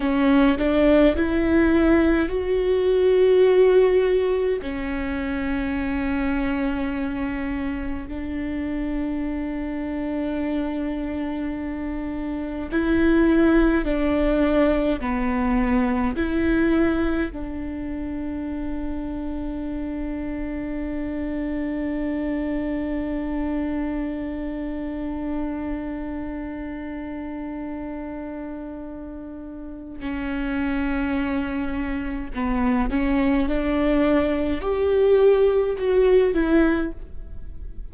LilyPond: \new Staff \with { instrumentName = "viola" } { \time 4/4 \tempo 4 = 52 cis'8 d'8 e'4 fis'2 | cis'2. d'4~ | d'2. e'4 | d'4 b4 e'4 d'4~ |
d'1~ | d'1~ | d'2 cis'2 | b8 cis'8 d'4 g'4 fis'8 e'8 | }